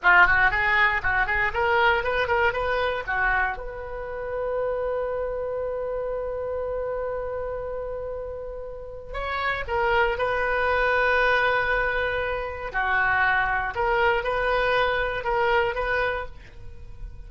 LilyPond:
\new Staff \with { instrumentName = "oboe" } { \time 4/4 \tempo 4 = 118 f'8 fis'8 gis'4 fis'8 gis'8 ais'4 | b'8 ais'8 b'4 fis'4 b'4~ | b'1~ | b'1~ |
b'2 cis''4 ais'4 | b'1~ | b'4 fis'2 ais'4 | b'2 ais'4 b'4 | }